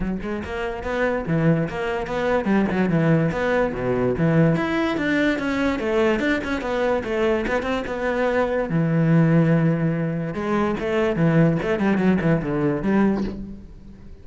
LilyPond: \new Staff \with { instrumentName = "cello" } { \time 4/4 \tempo 4 = 145 fis8 gis8 ais4 b4 e4 | ais4 b4 g8 fis8 e4 | b4 b,4 e4 e'4 | d'4 cis'4 a4 d'8 cis'8 |
b4 a4 b8 c'8 b4~ | b4 e2.~ | e4 gis4 a4 e4 | a8 g8 fis8 e8 d4 g4 | }